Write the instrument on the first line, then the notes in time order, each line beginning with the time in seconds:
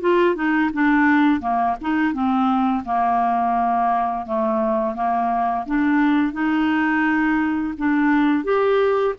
clarinet
0.00 F4
0.35 D#4
0.73 D4
1.40 A#3
1.81 D#4
2.13 C4
2.85 A#3
4.26 A3
4.95 A#3
5.66 D4
6.32 D#4
7.77 D4
8.44 G4